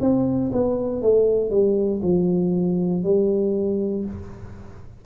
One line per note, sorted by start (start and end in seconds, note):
0.00 0.51 C4
0.52 1.01 B3
1.01 1.50 A3
1.50 2.01 G3
2.02 3.03 F3
3.03 4.05 G3